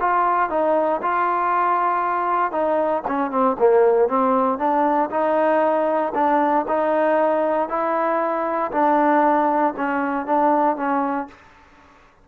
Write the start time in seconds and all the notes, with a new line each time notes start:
0.00 F4
0.50 D#4
1.02 F4
2.52 D#4
3.08 C#4
3.31 C4
3.59 A#3
4.08 C4
4.59 D4
5.10 D#4
6.15 D4
6.68 D#4
7.69 E4
8.72 D4
9.77 C#4
10.26 D4
10.76 C#4